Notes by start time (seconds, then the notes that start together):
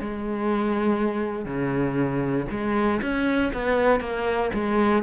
0.00 G#3
1.45 C#3
2.50 G#3
3.01 C#4
3.53 B3
4.00 A#3
4.54 G#3